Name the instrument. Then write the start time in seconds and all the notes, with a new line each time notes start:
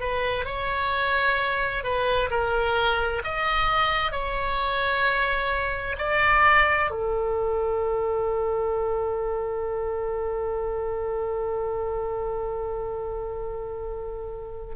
oboe
0.00 B4
0.46 C#5
1.84 B4
2.30 A#4
3.24 D#5
4.12 C#5
5.98 D5
6.91 A4